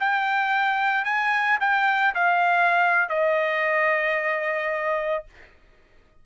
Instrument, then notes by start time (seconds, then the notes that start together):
trumpet
0.00 G5
1.05 G#5
1.61 G5
2.15 F5
3.09 D#5